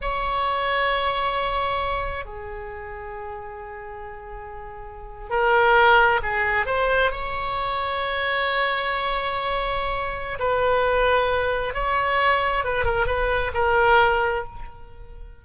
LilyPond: \new Staff \with { instrumentName = "oboe" } { \time 4/4 \tempo 4 = 133 cis''1~ | cis''4 gis'2.~ | gis'2.~ gis'8. ais'16~ | ais'4.~ ais'16 gis'4 c''4 cis''16~ |
cis''1~ | cis''2. b'4~ | b'2 cis''2 | b'8 ais'8 b'4 ais'2 | }